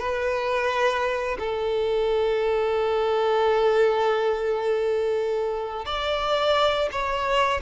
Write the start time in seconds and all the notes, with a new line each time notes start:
0.00 B4
1.39 A4
5.86 D5
6.92 C#5